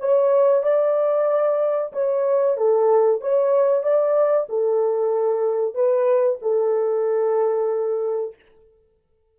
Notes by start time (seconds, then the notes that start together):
0.00 C#5
0.63 D5
1.93 C#5
2.57 A4
3.21 C#5
3.83 D5
4.49 A4
5.75 B4
6.42 A4